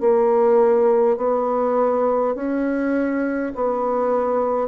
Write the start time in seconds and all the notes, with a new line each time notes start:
0.00 A#3
1.17 B3
2.35 C#4
3.55 B3